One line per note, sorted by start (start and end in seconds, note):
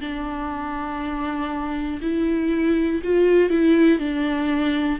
0.00 2.00 D4
2.01 3.01 E4
3.03 3.50 F4
3.50 3.99 E4
3.99 4.99 D4